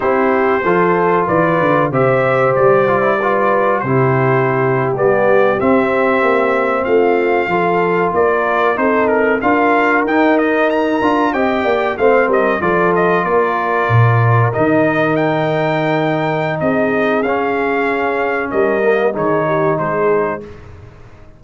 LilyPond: <<
  \new Staff \with { instrumentName = "trumpet" } { \time 4/4 \tempo 4 = 94 c''2 d''4 e''4 | d''2 c''4.~ c''16 d''16~ | d''8. e''2 f''4~ f''16~ | f''8. d''4 c''8 ais'8 f''4 g''16~ |
g''16 dis''8 ais''4 g''4 f''8 dis''8 d''16~ | d''16 dis''8 d''2 dis''4 g''16~ | g''2 dis''4 f''4~ | f''4 dis''4 cis''4 c''4 | }
  \new Staff \with { instrumentName = "horn" } { \time 4/4 g'4 a'4 b'4 c''4~ | c''4 b'4 g'2~ | g'2~ g'8. f'4 a'16~ | a'8. ais'4 a'4 ais'4~ ais'16~ |
ais'4.~ ais'16 dis''8 d''8 c''8 ais'8 a'16~ | a'8. ais'2.~ ais'16~ | ais'2 gis'2~ | gis'4 ais'4 gis'8 g'8 gis'4 | }
  \new Staff \with { instrumentName = "trombone" } { \time 4/4 e'4 f'2 g'4~ | g'8 f'16 e'16 f'4 e'4.~ e'16 b16~ | b8. c'2. f'16~ | f'4.~ f'16 dis'4 f'4 dis'16~ |
dis'4~ dis'16 f'8 g'4 c'4 f'16~ | f'2~ f'8. dis'4~ dis'16~ | dis'2. cis'4~ | cis'4. ais8 dis'2 | }
  \new Staff \with { instrumentName = "tuba" } { \time 4/4 c'4 f4 e8 d8 c4 | g2 c4.~ c16 g16~ | g8. c'4 ais4 a4 f16~ | f8. ais4 c'4 d'4 dis'16~ |
dis'4~ dis'16 d'8 c'8 ais8 a8 g8 f16~ | f8. ais4 ais,4 dis4~ dis16~ | dis2 c'4 cis'4~ | cis'4 g4 dis4 gis4 | }
>>